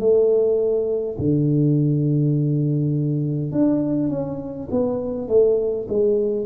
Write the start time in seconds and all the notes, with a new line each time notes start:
0.00 A3
1.19 D3
3.52 D4
4.10 C#4
4.71 B3
5.28 A3
5.89 G#3